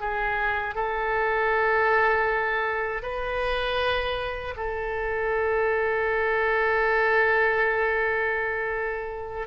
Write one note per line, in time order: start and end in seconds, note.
0.00 0.75 G#4
0.75 3.03 A4
3.03 4.55 B4
4.57 9.48 A4